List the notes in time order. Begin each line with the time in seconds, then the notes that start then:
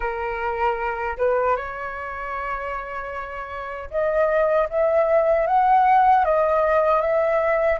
0.00 A#4
1.17 B4
1.56 C#5
3.90 D#5
4.69 E5
5.47 F#5
6.24 D#5
7.01 E5